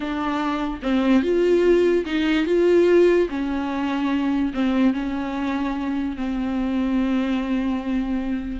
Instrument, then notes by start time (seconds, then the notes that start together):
viola
0.00 D4
0.82 C4
1.22 F4
2.05 D#4
2.46 F4
3.29 C#4
4.53 C4
4.93 C#4
6.16 C4